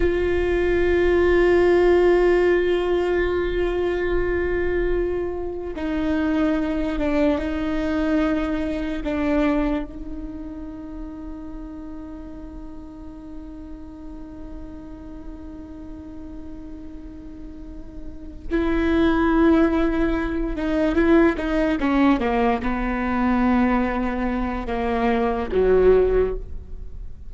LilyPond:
\new Staff \with { instrumentName = "viola" } { \time 4/4 \tempo 4 = 73 f'1~ | f'2. dis'4~ | dis'8 d'8 dis'2 d'4 | dis'1~ |
dis'1~ | dis'2~ dis'8 e'4.~ | e'4 dis'8 e'8 dis'8 cis'8 ais8 b8~ | b2 ais4 fis4 | }